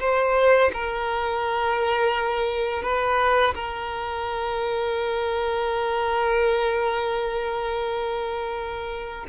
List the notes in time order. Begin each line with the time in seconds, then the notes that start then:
0.00 C5
0.74 A#4
2.83 B4
3.55 A#4